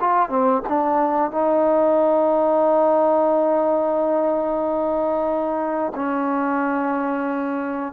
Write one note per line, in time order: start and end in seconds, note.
0.00 0.29 F4
0.29 0.62 C4
0.68 1.31 D4
1.31 5.92 D#4
5.95 7.92 C#4